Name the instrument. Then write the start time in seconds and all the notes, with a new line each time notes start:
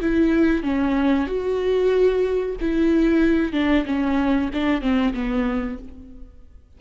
viola
0.00 E4
0.62 C#4
1.26 F#4
2.60 E4
3.52 D4
3.85 C#4
4.53 D4
4.81 C4
5.13 B3